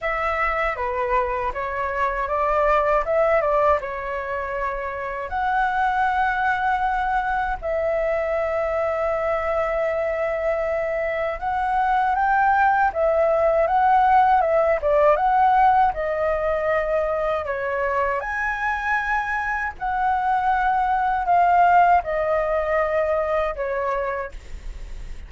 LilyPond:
\new Staff \with { instrumentName = "flute" } { \time 4/4 \tempo 4 = 79 e''4 b'4 cis''4 d''4 | e''8 d''8 cis''2 fis''4~ | fis''2 e''2~ | e''2. fis''4 |
g''4 e''4 fis''4 e''8 d''8 | fis''4 dis''2 cis''4 | gis''2 fis''2 | f''4 dis''2 cis''4 | }